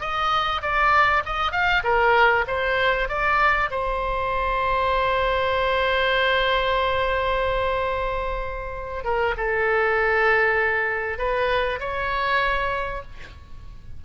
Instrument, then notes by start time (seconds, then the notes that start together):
oboe
0.00 D#5
0.62 D5
1.25 D#5
1.52 F5
1.84 A#4
2.47 C5
3.08 D5
3.70 C5
9.04 A#4
9.37 A4
11.18 B4
11.80 C#5